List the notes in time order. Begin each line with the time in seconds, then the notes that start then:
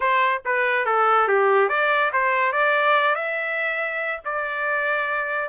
0.00 C5
0.45 B4
0.85 A4
1.28 G4
1.69 D5
2.12 C5
2.52 D5
3.15 E5
4.24 D5